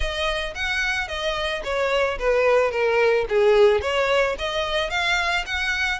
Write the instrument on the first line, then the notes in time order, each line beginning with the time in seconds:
violin
0.00 D#5
0.54 F#5
1.08 D#5
1.64 C#5
2.18 B4
2.71 A#4
3.28 G#4
3.81 C#5
4.38 D#5
4.90 F5
5.45 F#5